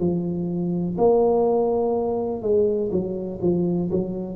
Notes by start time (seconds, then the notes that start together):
0.00 F3
0.98 A#3
2.42 G#3
2.92 F#3
3.42 F3
3.91 F#3